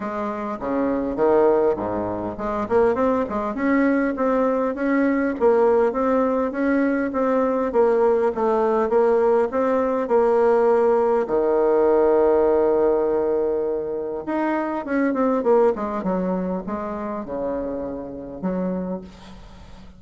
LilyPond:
\new Staff \with { instrumentName = "bassoon" } { \time 4/4 \tempo 4 = 101 gis4 cis4 dis4 gis,4 | gis8 ais8 c'8 gis8 cis'4 c'4 | cis'4 ais4 c'4 cis'4 | c'4 ais4 a4 ais4 |
c'4 ais2 dis4~ | dis1 | dis'4 cis'8 c'8 ais8 gis8 fis4 | gis4 cis2 fis4 | }